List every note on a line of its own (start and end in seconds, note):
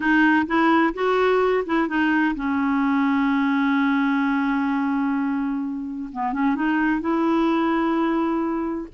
0.00 0.46 D#4
0.46 0.93 E4
0.94 1.64 F#4
1.65 1.87 E4
1.87 2.34 D#4
2.35 6.10 C#4
6.12 6.32 B3
6.32 6.55 C#4
6.55 7.00 D#4
7.00 8.88 E4